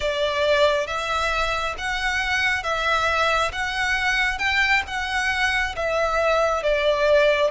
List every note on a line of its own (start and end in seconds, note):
0.00 0.86 D5
0.86 1.74 E5
1.78 2.63 F#5
2.63 3.51 E5
3.51 4.38 F#5
4.38 4.82 G5
4.87 5.75 F#5
5.76 6.63 E5
6.63 7.50 D5